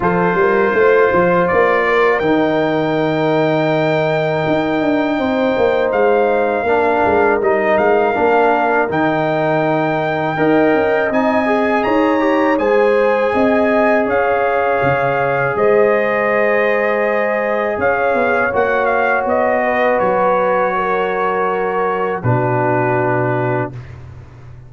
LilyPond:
<<
  \new Staff \with { instrumentName = "trumpet" } { \time 4/4 \tempo 4 = 81 c''2 d''4 g''4~ | g''1 | f''2 dis''8 f''4. | g''2. gis''4 |
ais''4 gis''2 f''4~ | f''4 dis''2. | f''4 fis''8 f''8 dis''4 cis''4~ | cis''2 b'2 | }
  \new Staff \with { instrumentName = "horn" } { \time 4/4 a'8 ais'8 c''4. ais'4.~ | ais'2. c''4~ | c''4 ais'2.~ | ais'2 dis''2 |
cis''4 c''4 dis''4 cis''4~ | cis''4 c''2. | cis''2~ cis''8 b'4. | ais'2 fis'2 | }
  \new Staff \with { instrumentName = "trombone" } { \time 4/4 f'2. dis'4~ | dis'1~ | dis'4 d'4 dis'4 d'4 | dis'2 ais'4 dis'8 gis'8~ |
gis'8 g'8 gis'2.~ | gis'1~ | gis'4 fis'2.~ | fis'2 d'2 | }
  \new Staff \with { instrumentName = "tuba" } { \time 4/4 f8 g8 a8 f8 ais4 dis4~ | dis2 dis'8 d'8 c'8 ais8 | gis4 ais8 gis8 g8 gis8 ais4 | dis2 dis'8 cis'8 c'4 |
dis'4 gis4 c'4 cis'4 | cis4 gis2. | cis'8 b8 ais4 b4 fis4~ | fis2 b,2 | }
>>